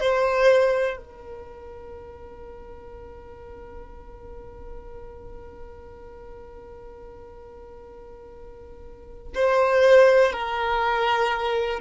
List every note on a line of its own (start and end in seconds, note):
0.00 0.97 C5
0.97 9.33 A#4
9.34 10.32 C5
10.32 11.80 A#4